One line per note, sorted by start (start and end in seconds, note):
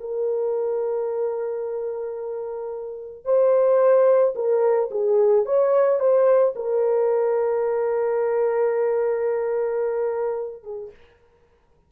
0.00 3.25 A#4
3.25 4.34 C5
4.35 4.90 A#4
4.91 5.46 G#4
5.46 6.00 C#5
6.00 6.54 C5
6.56 10.63 A#4
10.63 10.90 G#4